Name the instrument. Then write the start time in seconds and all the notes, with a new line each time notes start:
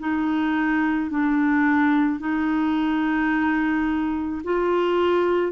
clarinet
0.00 D#4
1.11 D4
2.20 D#4
4.44 F4